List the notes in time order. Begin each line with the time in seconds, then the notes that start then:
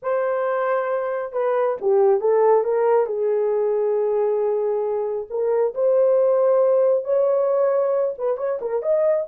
0.02 C5
1.32 B4
1.81 G4
2.20 A4
2.64 A#4
3.06 G#4
5.30 A#4
5.74 C5
7.04 C#5
8.17 B4
8.37 C#5
8.61 A#4
8.82 D#5